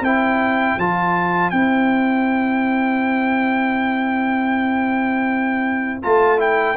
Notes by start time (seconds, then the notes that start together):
0.00 C4 E4 C5 G5
0.77 F3 F4 A5
1.50 C4 E4 G5
6.02 A3 F4 A5
6.37 E4 G5